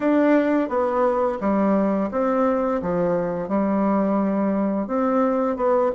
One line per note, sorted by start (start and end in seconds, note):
0.00 0.68 D4
0.68 1.38 B3
1.40 2.10 G3
2.11 2.81 C4
2.82 3.48 F3
3.48 4.87 G3
4.87 5.56 C4
5.56 5.91 B3